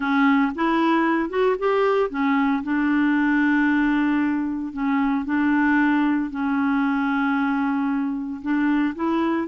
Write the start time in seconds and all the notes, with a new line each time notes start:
0.00 C#4
0.55 E4
1.29 F#4
1.58 G4
2.10 C#4
2.63 D4
4.72 C#4
5.25 D4
6.30 C#4
8.42 D4
8.95 E4